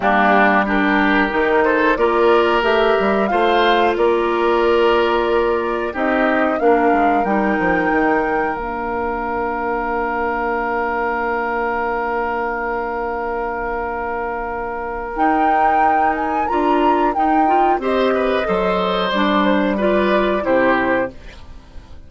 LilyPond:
<<
  \new Staff \with { instrumentName = "flute" } { \time 4/4 \tempo 4 = 91 g'4 ais'4. c''8 d''4 | e''4 f''4 d''2~ | d''4 dis''4 f''4 g''4~ | g''4 f''2.~ |
f''1~ | f''2. g''4~ | g''8 gis''8 ais''4 g''4 dis''4~ | dis''4 d''8 c''8 d''4 c''4 | }
  \new Staff \with { instrumentName = "oboe" } { \time 4/4 d'4 g'4. a'8 ais'4~ | ais'4 c''4 ais'2~ | ais'4 g'4 ais'2~ | ais'1~ |
ais'1~ | ais'1~ | ais'2. c''8 b'8 | c''2 b'4 g'4 | }
  \new Staff \with { instrumentName = "clarinet" } { \time 4/4 ais4 d'4 dis'4 f'4 | g'4 f'2.~ | f'4 dis'4 d'4 dis'4~ | dis'4 d'2.~ |
d'1~ | d'2. dis'4~ | dis'4 f'4 dis'8 f'8 g'4 | a'4 d'4 f'4 e'4 | }
  \new Staff \with { instrumentName = "bassoon" } { \time 4/4 g2 dis4 ais4 | a8 g8 a4 ais2~ | ais4 c'4 ais8 gis8 g8 f8 | dis4 ais2.~ |
ais1~ | ais2. dis'4~ | dis'4 d'4 dis'4 c'4 | fis4 g2 c4 | }
>>